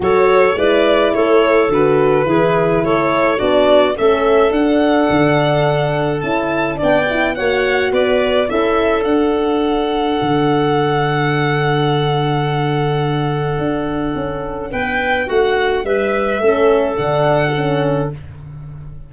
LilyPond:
<<
  \new Staff \with { instrumentName = "violin" } { \time 4/4 \tempo 4 = 106 cis''4 d''4 cis''4 b'4~ | b'4 cis''4 d''4 e''4 | fis''2. a''4 | g''4 fis''4 d''4 e''4 |
fis''1~ | fis''1~ | fis''2 g''4 fis''4 | e''2 fis''2 | }
  \new Staff \with { instrumentName = "clarinet" } { \time 4/4 a'4 b'4 a'2 | gis'4 a'4 fis'4 a'4~ | a'1 | d''4 cis''4 b'4 a'4~ |
a'1~ | a'1~ | a'2 b'4 fis'4 | b'4 a'2. | }
  \new Staff \with { instrumentName = "horn" } { \time 4/4 fis'4 e'2 fis'4 | e'2 d'4 cis'4 | d'2. e'4 | d'8 e'8 fis'2 e'4 |
d'1~ | d'1~ | d'1~ | d'4 cis'4 d'4 cis'4 | }
  \new Staff \with { instrumentName = "tuba" } { \time 4/4 fis4 gis4 a4 d4 | e4 a4 b4 a4 | d'4 d2 cis'4 | b4 ais4 b4 cis'4 |
d'2 d2~ | d1 | d'4 cis'4 b4 a4 | g4 a4 d2 | }
>>